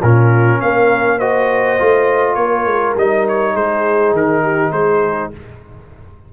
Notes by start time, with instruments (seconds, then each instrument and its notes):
0.00 tuba A#2, trombone C#4, horn F4, trumpet A#4
0.60 tuba A#3, horn A#4, trumpet F5
1.17 trombone F#4, horn C5, trumpet D#5
1.79 tuba A3, trombone F4
2.34 tuba A#3, horn A#4, trumpet C#5
2.66 tuba G#3
2.96 tuba G3, trombone D#4, trumpet D#5
3.28 trumpet C#5
3.54 tuba G#3, horn G#4, trumpet C5
4.12 tuba D#3, trumpet A#4
4.42 horn G4
4.71 tuba G#3, horn G#4, trumpet C5